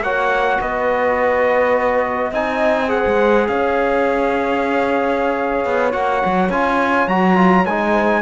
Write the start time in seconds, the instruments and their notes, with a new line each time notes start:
0.00 cello A#3, trombone F#4, horn C#5, trumpet F#5
0.61 cello B3, horn B4, trumpet D#5
2.30 cello C4, trombone D#4, horn D#5, trumpet G#5
2.88 trombone G#4, horn C5, trumpet F#5
3.06 cello G#3
3.47 cello C#4, horn C#5, trumpet F5
5.65 cello B3
5.92 cello A#3, trombone F#4, trumpet F#5
6.25 cello F#3
6.49 cello C#4, trombone F4, trumpet G#5
7.07 cello F#3, trombone F#4, trumpet A#5
7.35 trombone F4
7.65 cello G#3, trombone D#4, trumpet G#5
7.91 horn C5